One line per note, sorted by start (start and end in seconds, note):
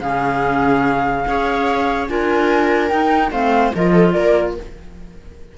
0.00 1.25 C#3
0.00 1.26 C#4
0.00 1.27 G#4
0.00 2.07 F5
1.26 2.09 C#4
1.26 2.08 G#4
1.26 2.10 C#5
2.08 2.91 D4
2.08 2.89 F4
2.08 3.32 A#4
2.08 2.88 G#5
2.88 3.31 D#4
2.88 3.30 G5
3.31 3.72 A3
3.31 3.72 C4
3.31 3.73 C5
3.31 3.73 F5
3.75 4.15 F3
3.75 4.57 F4
3.75 3.92 A#4
3.75 4.11 D#5
3.92 4.13 A4
4.11 4.57 A#3
4.11 4.55 A#4
4.11 4.53 D5